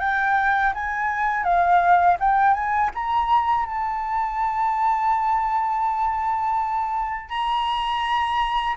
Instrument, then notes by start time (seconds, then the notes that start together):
flute
0.00 G5
0.74 G#5
1.44 F5
2.20 G5
2.54 G#5
2.95 A#5
3.66 A5
7.30 A#5